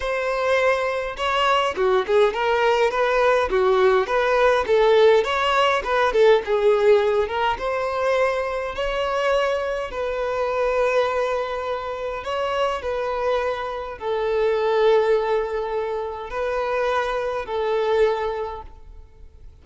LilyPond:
\new Staff \with { instrumentName = "violin" } { \time 4/4 \tempo 4 = 103 c''2 cis''4 fis'8 gis'8 | ais'4 b'4 fis'4 b'4 | a'4 cis''4 b'8 a'8 gis'4~ | gis'8 ais'8 c''2 cis''4~ |
cis''4 b'2.~ | b'4 cis''4 b'2 | a'1 | b'2 a'2 | }